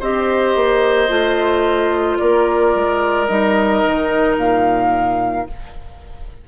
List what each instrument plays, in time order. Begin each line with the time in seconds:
0.00 bassoon C4, clarinet G4, oboe C5, flute D#5
0.55 bassoon A#3
1.08 bassoon A3, clarinet F4
2.18 bassoon A#3, oboe A#4, flute D5
2.75 bassoon G#3
3.26 bassoon G3, clarinet D#4, flute D#5
3.85 bassoon D#3
4.37 bassoon A#2, flute F5